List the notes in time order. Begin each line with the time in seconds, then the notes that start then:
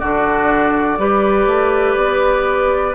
0.00 D3 D4 F#4 D5
0.98 G3 G4 B4
1.47 A3
1.97 B3